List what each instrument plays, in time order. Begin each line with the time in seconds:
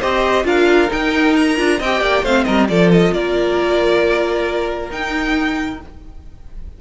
0.00 cello C4, viola G4, violin C5 D#5
0.44 cello D4, viola F4, violin A#4 F5
0.88 viola D#4, cello D#4, violin G5
1.36 violin A#5
1.56 cello D4, viola F4
1.79 cello C4, viola G4, violin D#5 G5
2.01 cello A#3, violin D5
2.23 cello A3, viola C4, violin C5 F5
2.44 cello G3, violin A#4 D#5
2.68 cello F3, viola F4, violin A4 D5
2.92 violin D#5
3.13 cello A#3, violin A#4 D5
4.90 cello D#4, viola D#4, violin G5